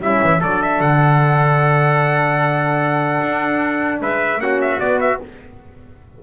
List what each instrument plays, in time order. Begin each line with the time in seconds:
0.00 double bass G3, horn C#4, trumpet E4 E5
0.23 double bass E3
0.40 double bass F#3, horn D4, trumpet A4 D5
0.62 trumpet E5
0.80 double bass D3, trumpet F#5
3.21 double bass D4
4.01 double bass G#3, trumpet B4 E5
4.38 double bass A#3, horn C#4, trumpet F#4 F#5
4.61 trumpet E5
4.79 double bass B3, horn B3, trumpet D5
5.00 trumpet E5